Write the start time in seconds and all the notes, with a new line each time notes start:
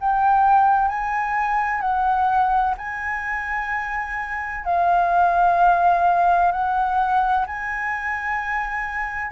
0.00 G5
0.88 G#5
1.81 F#5
2.77 G#5
4.64 F5
6.52 F#5
7.47 G#5